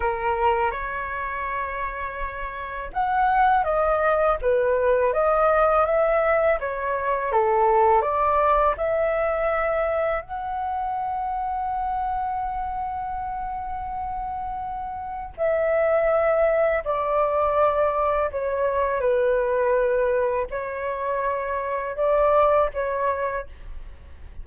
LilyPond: \new Staff \with { instrumentName = "flute" } { \time 4/4 \tempo 4 = 82 ais'4 cis''2. | fis''4 dis''4 b'4 dis''4 | e''4 cis''4 a'4 d''4 | e''2 fis''2~ |
fis''1~ | fis''4 e''2 d''4~ | d''4 cis''4 b'2 | cis''2 d''4 cis''4 | }